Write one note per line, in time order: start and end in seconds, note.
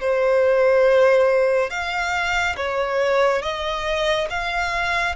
0.00 1.70 C5
1.70 2.56 F5
2.56 3.42 C#5
3.42 4.28 D#5
4.29 5.15 F5